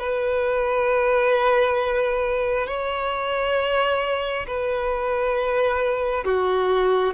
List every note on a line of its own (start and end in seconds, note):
0.00 2.67 B4
2.67 4.47 C#5
4.47 6.25 B4
6.25 7.14 F#4